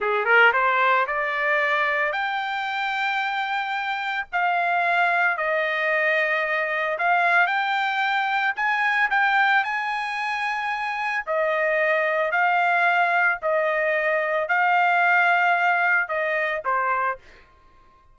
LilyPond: \new Staff \with { instrumentName = "trumpet" } { \time 4/4 \tempo 4 = 112 gis'8 ais'8 c''4 d''2 | g''1 | f''2 dis''2~ | dis''4 f''4 g''2 |
gis''4 g''4 gis''2~ | gis''4 dis''2 f''4~ | f''4 dis''2 f''4~ | f''2 dis''4 c''4 | }